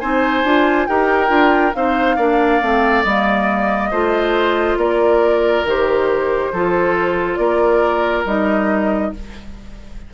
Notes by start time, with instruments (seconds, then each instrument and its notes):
0.00 bassoon C4, clarinet D#4, oboe C5, flute G#5
0.44 bassoon D4, clarinet F4
0.87 bassoon D#4, clarinet G4, oboe A#4, flute G5
1.28 bassoon D4, clarinet F4
1.74 bassoon C4, clarinet D#4, oboe C5, flute F5
2.16 bassoon A#3, clarinet D4, oboe D5
2.62 bassoon A3, clarinet C4
3.03 bassoon G3, clarinet A#3, flute D#5
3.91 bassoon A3, clarinet F4, oboe C5
4.77 bassoon A#3, oboe A#4, flute D5
5.64 bassoon D#3, clarinet G4, flute C5
6.53 bassoon F3, clarinet F4, oboe A4
7.36 bassoon A#3, oboe A#4, flute D5
8.25 bassoon G3, clarinet D#4, flute D#5